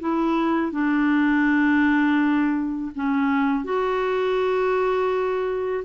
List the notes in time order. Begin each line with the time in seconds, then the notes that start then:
0.00 E4
0.72 D4
2.95 C#4
3.65 F#4